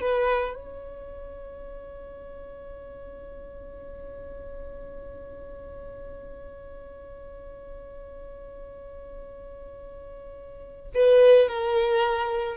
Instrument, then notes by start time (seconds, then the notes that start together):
violin
0.00 B4
0.54 C#5
10.94 B4
11.47 A#4